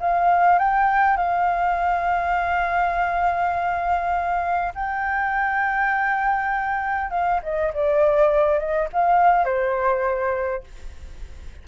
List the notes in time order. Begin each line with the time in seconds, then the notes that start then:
0.00 F5
0.58 G5
1.16 F5
4.75 G5
7.10 F5
7.43 D#5
7.73 D5
8.58 D#5
8.92 F5
9.45 C5